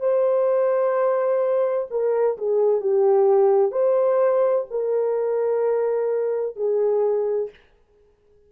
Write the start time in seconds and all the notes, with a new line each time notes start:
0.00 C5
1.90 A#4
2.38 G#4
2.81 G4
3.72 C5
4.70 A#4
6.56 G#4